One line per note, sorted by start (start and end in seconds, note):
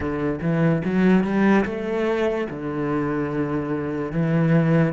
0.00 0.39 D3
0.41 0.82 E3
0.84 1.23 F#3
1.23 1.64 G3
1.65 2.47 A3
2.50 4.11 D3
4.11 4.92 E3